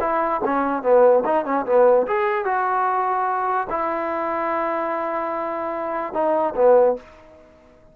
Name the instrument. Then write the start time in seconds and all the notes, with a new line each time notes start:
trombone
0.00 E4
0.44 C#4
0.82 B3
1.24 D#4
1.45 C#4
1.65 B3
2.06 G#4
2.45 F#4
3.69 E4
6.13 D#4
6.55 B3